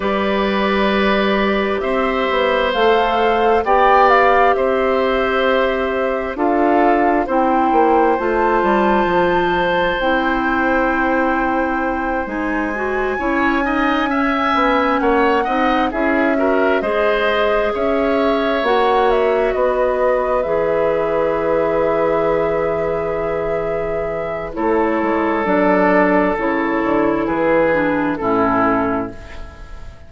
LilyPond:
<<
  \new Staff \with { instrumentName = "flute" } { \time 4/4 \tempo 4 = 66 d''2 e''4 f''4 | g''8 f''8 e''2 f''4 | g''4 a''2 g''4~ | g''4. gis''2~ gis''8~ |
gis''8 fis''4 e''4 dis''4 e''8~ | e''8 fis''8 e''8 dis''4 e''4.~ | e''2. cis''4 | d''4 cis''4 b'4 a'4 | }
  \new Staff \with { instrumentName = "oboe" } { \time 4/4 b'2 c''2 | d''4 c''2 a'4 | c''1~ | c''2~ c''8 cis''8 dis''8 e''8~ |
e''8 cis''8 dis''8 gis'8 ais'8 c''4 cis''8~ | cis''4. b'2~ b'8~ | b'2. a'4~ | a'2 gis'4 e'4 | }
  \new Staff \with { instrumentName = "clarinet" } { \time 4/4 g'2. a'4 | g'2. f'4 | e'4 f'2 e'4~ | e'4. dis'8 fis'8 e'8 dis'8 cis'8~ |
cis'4 dis'8 e'8 fis'8 gis'4.~ | gis'8 fis'2 gis'4.~ | gis'2. e'4 | d'4 e'4. d'8 cis'4 | }
  \new Staff \with { instrumentName = "bassoon" } { \time 4/4 g2 c'8 b8 a4 | b4 c'2 d'4 | c'8 ais8 a8 g8 f4 c'4~ | c'4. gis4 cis'4. |
b8 ais8 c'8 cis'4 gis4 cis'8~ | cis'8 ais4 b4 e4.~ | e2. a8 gis8 | fis4 cis8 d8 e4 a,4 | }
>>